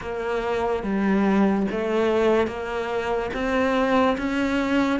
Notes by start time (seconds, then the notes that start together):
0.01 A#3
0.83 G3
1.71 A3
2.47 A#3
3.33 C4
4.17 C#4